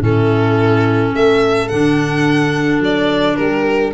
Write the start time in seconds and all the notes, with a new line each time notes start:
0.00 A2 C#4 E4 A4
1.14 A3 A4 E5
1.68 D3 D4 F#5
2.80 F#3 D5
3.36 G3 G4 A#4